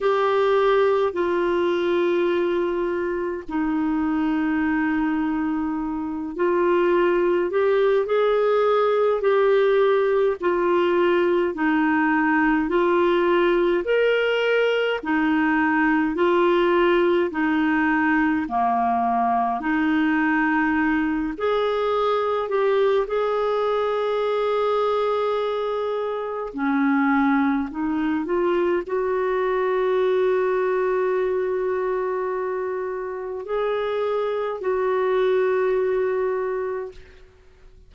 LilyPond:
\new Staff \with { instrumentName = "clarinet" } { \time 4/4 \tempo 4 = 52 g'4 f'2 dis'4~ | dis'4. f'4 g'8 gis'4 | g'4 f'4 dis'4 f'4 | ais'4 dis'4 f'4 dis'4 |
ais4 dis'4. gis'4 g'8 | gis'2. cis'4 | dis'8 f'8 fis'2.~ | fis'4 gis'4 fis'2 | }